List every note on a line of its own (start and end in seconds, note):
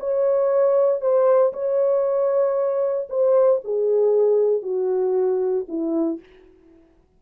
0.00 1.01 C#5
1.01 1.53 C5
1.53 3.08 C#5
3.10 3.61 C5
3.64 4.62 G#4
4.62 5.66 F#4
5.68 6.20 E4